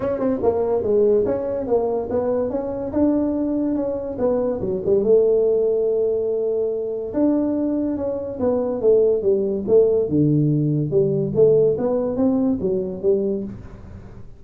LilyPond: \new Staff \with { instrumentName = "tuba" } { \time 4/4 \tempo 4 = 143 cis'8 c'8 ais4 gis4 cis'4 | ais4 b4 cis'4 d'4~ | d'4 cis'4 b4 fis8 g8 | a1~ |
a4 d'2 cis'4 | b4 a4 g4 a4 | d2 g4 a4 | b4 c'4 fis4 g4 | }